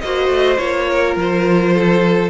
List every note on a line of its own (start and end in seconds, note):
0.00 0.28 A#3
0.00 0.57 F#4
0.00 0.90 C5
0.00 0.57 D#5
0.28 0.57 A3
0.57 1.16 A#3
0.57 2.29 F4
0.57 1.15 C#5
0.91 1.74 A#4
1.16 2.29 F3
1.16 2.29 C5
1.74 2.29 A4